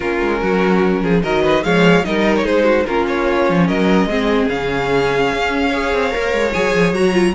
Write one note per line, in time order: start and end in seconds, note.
0.00 0.21 A#3
0.00 1.23 C#4
0.00 0.41 F4
0.00 1.20 A#4
0.21 0.41 G#3
0.41 1.02 F#3
0.41 1.02 F#4
1.02 1.23 F3
1.02 1.23 G#4
1.23 1.64 D#3
1.23 1.62 F#3
1.23 1.43 A#4
1.23 1.63 D#5
1.43 1.63 B4
1.62 2.05 F3
1.62 2.03 G#3
1.62 2.06 C#5
1.62 2.04 F5
2.04 2.43 G3
2.04 2.86 D#4
2.04 2.44 A#4
2.04 2.35 D#5
2.36 2.46 C#5
2.43 2.84 G#3
2.43 2.64 G#4
2.43 2.86 C5
2.64 2.84 F#4
2.86 3.49 A#3
2.86 4.09 C#4
2.86 3.67 F4
2.86 3.06 A#4
3.07 3.67 C#5
3.49 3.69 F3
3.67 4.06 F#3
3.67 4.08 A#4
3.67 4.49 D#5
4.06 4.47 G#3
4.06 4.49 C4
4.06 5.69 G#4
4.49 5.31 C#3
4.49 5.72 C#4
4.49 6.52 F5
5.32 5.92 C#4
5.69 6.11 G#4
5.69 7.32 C#5
5.92 6.13 C4
6.11 6.32 A#3
6.11 6.52 A#4
6.32 6.53 G#3
6.52 6.73 F#3
6.52 6.94 G#4
6.52 6.93 G#5
6.73 6.92 F3
6.92 7.33 F#3
6.92 7.12 F#4
6.92 7.34 A#5
7.12 7.33 F4